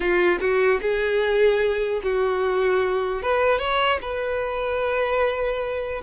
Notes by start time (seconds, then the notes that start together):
0.00 F4
0.40 F#4
0.81 G#4
2.03 F#4
3.22 B4
3.58 C#5
4.01 B4